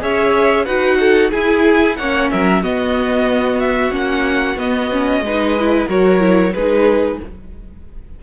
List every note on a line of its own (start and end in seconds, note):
0.00 0.67 C#4
0.00 0.65 G#4
0.00 0.65 C#5
0.00 0.66 E5
0.65 1.32 D#4
0.65 1.32 F#4
0.65 0.98 B4
0.65 1.31 F#5
1.00 1.31 A4
1.31 1.98 E4
1.31 1.99 E4
1.31 1.96 G#4
1.31 1.97 G#5
1.97 2.31 A#3
1.97 2.63 C#4
1.97 2.31 C#5
1.97 2.29 F#5
2.31 2.63 F#3
2.31 2.62 A#4
2.31 2.64 E5
2.62 3.92 B3
2.62 3.91 B3
2.62 5.23 F#4
2.62 3.60 D#5
3.60 3.92 E5
3.91 4.56 A#3
3.91 4.56 C#4
3.91 4.59 F#5
4.56 5.21 B3
4.56 4.91 B3
4.56 5.89 D#5
4.91 5.24 C#4
5.21 5.86 G#3
5.21 5.88 B4
5.28 5.59 D#4
5.59 5.89 E4
5.88 6.54 F#3
5.88 6.19 F#4
5.88 6.54 A#4
5.88 6.54 C#5
6.19 6.52 E4
6.54 7.20 G#3
6.54 7.23 D#4
6.54 7.20 G#4
6.54 7.19 B4